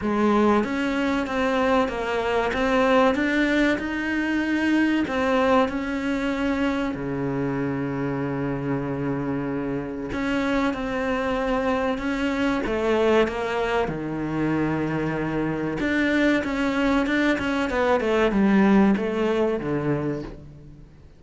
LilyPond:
\new Staff \with { instrumentName = "cello" } { \time 4/4 \tempo 4 = 95 gis4 cis'4 c'4 ais4 | c'4 d'4 dis'2 | c'4 cis'2 cis4~ | cis1 |
cis'4 c'2 cis'4 | a4 ais4 dis2~ | dis4 d'4 cis'4 d'8 cis'8 | b8 a8 g4 a4 d4 | }